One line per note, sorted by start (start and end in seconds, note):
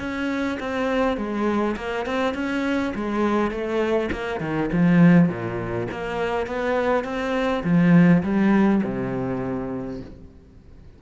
0.00 0.59 C#4
0.60 1.18 C4
1.18 1.76 G#3
1.77 2.06 A#3
2.06 2.35 C4
2.35 2.94 C#4
2.95 3.52 G#3
3.52 4.10 A3
4.12 4.41 A#3
4.41 4.70 D#3
4.73 5.29 F3
5.29 5.88 A#2
5.92 6.47 A#3
6.47 7.05 B3
7.05 7.64 C4
7.64 8.23 F3
8.24 8.82 G3
8.84 10.02 C3